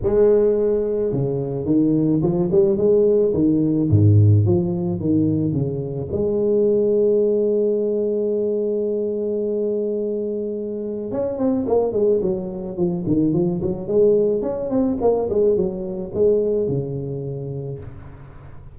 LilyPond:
\new Staff \with { instrumentName = "tuba" } { \time 4/4 \tempo 4 = 108 gis2 cis4 dis4 | f8 g8 gis4 dis4 gis,4 | f4 dis4 cis4 gis4~ | gis1~ |
gis1 | cis'8 c'8 ais8 gis8 fis4 f8 dis8 | f8 fis8 gis4 cis'8 c'8 ais8 gis8 | fis4 gis4 cis2 | }